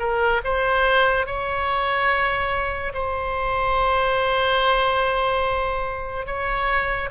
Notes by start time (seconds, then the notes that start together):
0.00 A#4
0.45 C5
1.27 C#5
2.94 C5
6.27 C#5